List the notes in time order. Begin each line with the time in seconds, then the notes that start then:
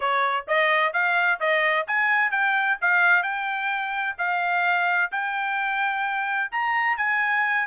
0.00 C#5
0.47 D#5
0.93 F5
1.40 D#5
1.87 G#5
2.31 G5
2.81 F5
3.22 G5
4.18 F5
5.11 G5
6.51 A#5
6.97 G#5